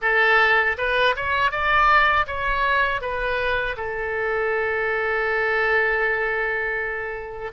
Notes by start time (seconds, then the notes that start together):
0.01 A4
0.77 B4
1.16 C#5
1.51 D5
2.26 C#5
3.01 B4
3.76 A4